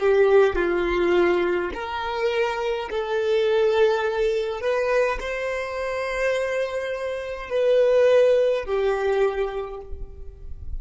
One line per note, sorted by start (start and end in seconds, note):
0.00 0.56 G4
0.56 1.71 F4
1.74 2.90 A#4
2.90 4.61 A4
4.61 5.19 B4
5.20 7.50 C5
7.50 8.65 B4
8.65 9.81 G4